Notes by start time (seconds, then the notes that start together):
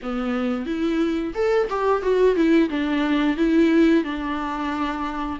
0.02 B3
0.66 E4
1.34 A4
1.69 G4
2.02 F#4
2.35 E4
2.69 D4
3.36 E4
4.04 D4